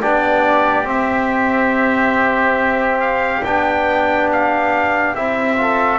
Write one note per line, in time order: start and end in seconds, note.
0.00 0.84 B3
0.00 0.84 D4
0.00 5.57 G4
0.00 0.87 D5
0.84 3.41 C4
0.84 3.42 C4
0.84 3.00 E5
3.00 3.43 F5
3.44 5.14 B3
3.44 5.16 D4
3.44 4.30 G5
4.32 5.15 F5
5.14 5.99 C4
5.14 5.57 E4
5.14 5.99 E5
5.57 5.99 F4
5.57 5.99 A4